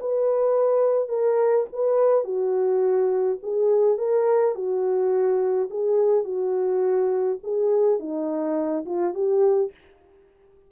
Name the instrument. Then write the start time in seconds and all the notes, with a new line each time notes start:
horn
0.00 B4
1.08 A#4
1.72 B4
2.24 F#4
3.42 G#4
3.97 A#4
4.55 F#4
5.70 G#4
6.24 F#4
7.43 G#4
7.99 D#4
8.85 F4
9.14 G4